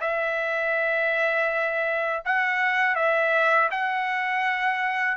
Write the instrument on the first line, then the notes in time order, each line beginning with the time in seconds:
trumpet
0.00 E5
2.25 F#5
2.95 E5
3.70 F#5